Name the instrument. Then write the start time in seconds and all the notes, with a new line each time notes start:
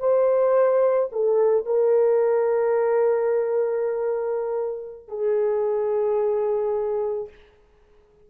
horn
0.00 C5
1.12 A4
1.66 A#4
5.09 G#4